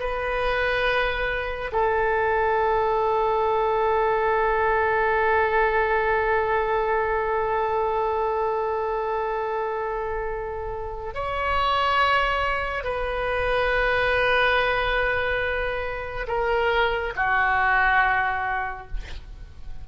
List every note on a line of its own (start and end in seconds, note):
0.00 1.71 B4
1.73 11.14 A4
11.14 12.84 C#5
12.84 16.27 B4
16.28 17.14 A#4
17.16 18.88 F#4